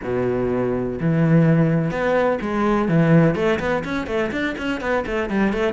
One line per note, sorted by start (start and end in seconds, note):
0.03 0.99 B2
1.00 1.90 E3
1.90 2.38 B3
2.41 2.88 G#3
2.88 3.35 E3
3.35 3.59 A3
3.59 3.83 B3
3.84 4.07 C#4
4.07 4.31 A3
4.31 4.55 D4
4.57 4.80 C#4
4.80 5.04 B3
5.06 5.29 A3
5.29 5.52 G3
5.52 5.73 A3